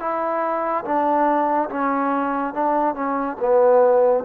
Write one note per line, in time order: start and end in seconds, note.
0.00 0.85 E4
0.85 1.69 D4
1.70 2.54 C#4
2.54 2.95 D4
2.95 3.37 C#4
3.40 4.24 B3